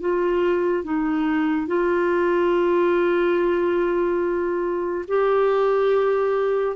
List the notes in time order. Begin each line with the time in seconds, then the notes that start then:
0.00 F4
0.84 D#4
1.67 F4
5.07 G4